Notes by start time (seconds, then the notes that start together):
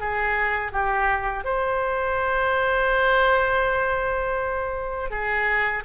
0.00 G#4
0.72 G4
1.44 C5
5.11 G#4